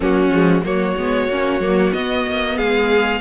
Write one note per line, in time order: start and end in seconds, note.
0.00 0.30 F#3
0.00 0.31 A#3
0.00 0.62 C#4
0.00 0.64 F#4
0.30 0.62 F3
0.30 0.64 G#3
0.63 0.96 F#3
0.63 0.97 A#3
0.63 2.56 F#4
0.63 1.93 C#5
0.96 1.28 G#3
0.96 1.30 B3
1.28 1.59 A#3
1.28 1.61 C#4
1.59 1.92 F#3
1.59 1.93 A#3
1.93 2.25 B3
1.93 3.21 B3
1.93 2.57 D#5
2.27 2.59 A#3
2.56 3.21 G#3
2.56 3.20 G#4
2.56 3.21 F5